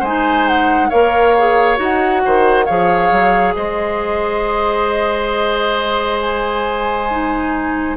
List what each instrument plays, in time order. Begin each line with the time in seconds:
0.00 bassoon G#3, clarinet D#4, oboe C5, flute G#5
0.48 flute F#5
0.90 bassoon A#3, clarinet A#4, oboe C#5, flute F5
1.38 clarinet G#4
1.77 bassoon D#4, clarinet F#4, flute F#5
2.25 bassoon D#3, oboe C5
2.65 bassoon F3, clarinet G#4, oboe C#5, flute F5
3.11 bassoon F#3
3.55 bassoon G#3, oboe C5, flute D#5
6.21 flute G#5
7.10 clarinet D#4